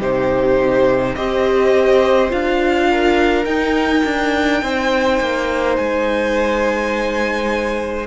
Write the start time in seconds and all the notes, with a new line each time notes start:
0.00 C3 D#4 G4 C5
1.15 C4 G4 C5 D#5
2.29 D4 F4 F5
2.90 A#4
3.45 D#4 G5
4.05 D4
4.62 C4 C5
5.20 A#3
5.76 G#3 G#5